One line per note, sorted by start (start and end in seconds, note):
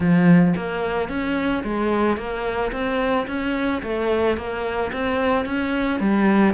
0.00 0.54 F3
0.56 1.08 A#3
1.08 1.63 C#4
1.63 2.17 G#3
2.17 2.71 A#3
2.72 3.26 C4
3.27 3.82 C#4
3.82 4.37 A3
4.37 4.91 A#3
4.92 5.45 C4
5.45 6.00 C#4
6.00 6.53 G3